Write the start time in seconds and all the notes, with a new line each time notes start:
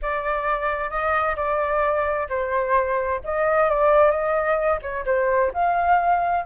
0.01 D5
0.89 D#5
1.36 D5
2.29 C5
3.24 D#5
3.69 D5
4.10 D#5
4.82 C#5
5.05 C5
5.53 F5